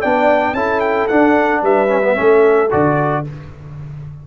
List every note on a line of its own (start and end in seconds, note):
0.00 0.53 B3
0.00 0.55 D4
0.00 0.54 D5
0.00 0.54 G5
0.53 1.06 C#4
0.53 1.09 E4
0.53 1.62 A4
0.53 0.80 A5
0.80 1.07 G5
1.07 1.88 D4
1.07 1.62 D4
1.07 1.61 F#5
1.62 2.16 G3
1.62 2.16 B4
1.62 2.71 E5
1.88 2.01 C#4
2.02 2.15 B3
2.15 2.73 A3
2.15 2.69 C#4
2.15 3.25 A4
2.71 3.27 D3
2.71 3.24 F#4
2.71 3.25 D5